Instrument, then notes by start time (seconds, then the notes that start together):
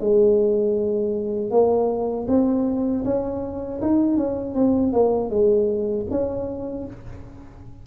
tuba
0.00 G#3
1.51 A#3
2.28 C4
3.04 C#4
3.81 D#4
4.17 C#4
4.54 C4
4.92 A#3
5.30 G#3
6.10 C#4